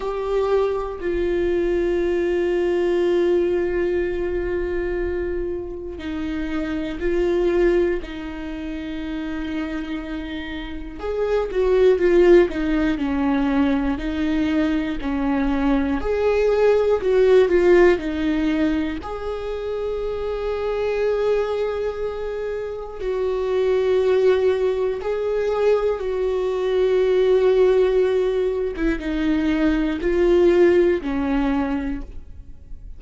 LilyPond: \new Staff \with { instrumentName = "viola" } { \time 4/4 \tempo 4 = 60 g'4 f'2.~ | f'2 dis'4 f'4 | dis'2. gis'8 fis'8 | f'8 dis'8 cis'4 dis'4 cis'4 |
gis'4 fis'8 f'8 dis'4 gis'4~ | gis'2. fis'4~ | fis'4 gis'4 fis'2~ | fis'8. e'16 dis'4 f'4 cis'4 | }